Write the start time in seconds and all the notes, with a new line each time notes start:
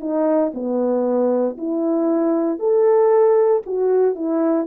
0.00 D#4
0.54 B3
1.58 E4
2.59 A4
3.66 F#4
4.15 E4